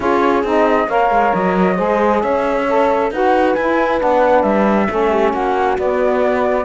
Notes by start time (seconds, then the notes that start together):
0.00 C#4 F4 G#4 C#5
0.43 C4 D#4 D#5
0.88 A#3 A#4 C#5 F5
1.10 G#3
1.34 F#3 D#5
1.75 G#3 G#4 C5
2.22 C#4 C#5 E5
2.69 A4
3.10 D#4 F#4 B4 F#5
3.54 E4 G#5
3.98 B3 D4 F#5
4.42 G3 E5
4.89 A3 C#4 A4
5.10 G4
5.32 A#3 F#4 F#5
5.78 B3 D5